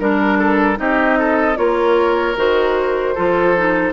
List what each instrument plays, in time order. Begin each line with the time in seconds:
0.00 bassoon G3, clarinet D4, flute A#4, oboe A#4
0.39 oboe A4
0.76 bassoon C4, clarinet D#4, oboe G4, flute D#5
1.19 oboe A4
1.56 bassoon A#3, clarinet F4, oboe A#4, flute C#5
2.37 bassoon D#3, clarinet F#4, flute C5
3.15 bassoon F3, clarinet F4, oboe A4
3.58 clarinet D#4